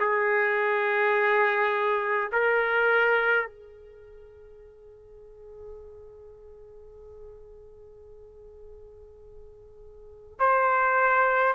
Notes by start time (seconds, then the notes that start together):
0.00 G#4
2.32 A#4
3.46 G#4
10.40 C5